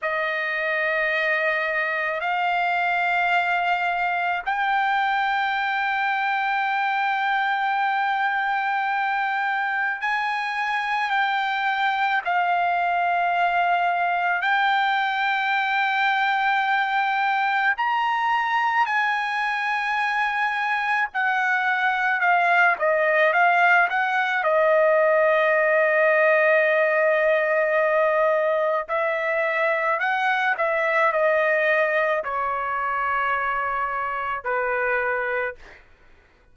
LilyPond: \new Staff \with { instrumentName = "trumpet" } { \time 4/4 \tempo 4 = 54 dis''2 f''2 | g''1~ | g''4 gis''4 g''4 f''4~ | f''4 g''2. |
ais''4 gis''2 fis''4 | f''8 dis''8 f''8 fis''8 dis''2~ | dis''2 e''4 fis''8 e''8 | dis''4 cis''2 b'4 | }